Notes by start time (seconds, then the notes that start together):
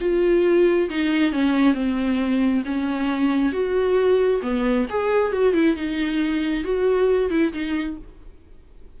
0.00 F4
0.89 D#4
1.32 C#4
1.74 C4
2.65 C#4
3.52 F#4
4.42 B3
4.89 G#4
5.32 F#4
5.53 E4
5.76 D#4
6.64 F#4
7.29 E4
7.52 D#4